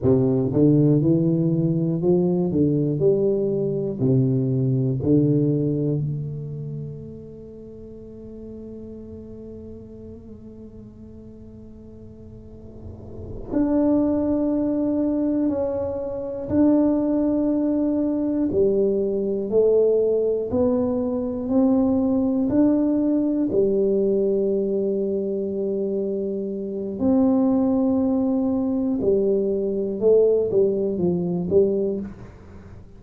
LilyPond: \new Staff \with { instrumentName = "tuba" } { \time 4/4 \tempo 4 = 60 c8 d8 e4 f8 d8 g4 | c4 d4 a2~ | a1~ | a4. d'2 cis'8~ |
cis'8 d'2 g4 a8~ | a8 b4 c'4 d'4 g8~ | g2. c'4~ | c'4 g4 a8 g8 f8 g8 | }